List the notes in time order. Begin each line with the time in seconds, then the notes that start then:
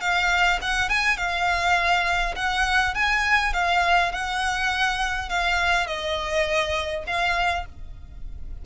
0.00 F5
0.61 F#5
0.89 G#5
1.17 F5
2.35 F#5
2.94 G#5
3.53 F5
4.12 F#5
5.29 F5
5.87 D#5
7.06 F5